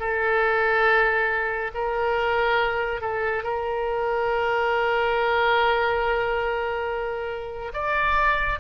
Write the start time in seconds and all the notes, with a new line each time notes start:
0.00 A4
1.75 A#4
3.01 A4
3.44 A#4
7.74 D5